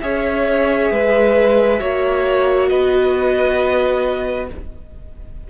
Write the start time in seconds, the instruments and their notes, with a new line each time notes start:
0.00 cello C#4, viola G#4, violin C#5 E5
0.90 cello G#3, violin B4
1.78 cello A#3, viola F#4, violin C#5
2.68 cello B3, violin B4 D#5